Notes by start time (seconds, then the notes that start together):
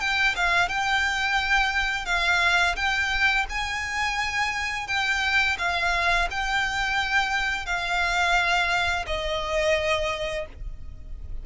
0.00 G5
0.36 F5
0.69 G5
2.05 F5
2.76 G5
3.49 G#5
4.87 G5
5.58 F5
6.30 G5
7.66 F5
9.06 D#5